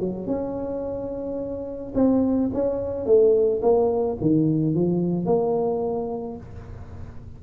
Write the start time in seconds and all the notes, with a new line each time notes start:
0.00 F#3
0.27 C#4
1.95 C4
2.54 C#4
3.06 A3
3.62 A#3
4.21 D#3
4.75 F3
5.26 A#3